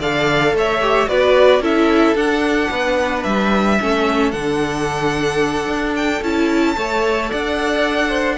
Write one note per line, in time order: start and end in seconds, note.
0.00 0.53 D3
0.00 0.82 A4
0.00 0.54 D5
0.00 0.56 F5
0.53 1.08 A3
0.53 1.09 C#5
0.53 1.09 E5
0.82 1.07 G4
1.07 1.60 B3
1.07 1.61 F#4
1.07 1.62 B4
1.07 1.63 D5
1.60 2.14 C#4
1.60 2.16 E4
1.60 2.70 A4
1.60 2.17 E5
2.15 2.69 D4
2.15 3.78 D4
2.15 3.24 F#5
2.71 3.25 B3
2.71 3.80 B4
3.24 3.79 G3
3.24 4.32 E5
3.80 4.33 A3
3.80 4.33 C#4
3.80 6.76 A4
4.32 5.68 D3
4.32 6.22 D4
4.32 5.94 F#5
5.68 6.22 D4
5.96 6.23 G5
6.22 6.76 C#4
6.22 6.75 E4
6.22 7.32 A5
6.75 7.32 A3
6.75 8.38 A4
6.75 7.30 C#5
7.30 8.38 D4
7.30 8.09 D5
7.30 8.38 F#5
8.09 8.36 C5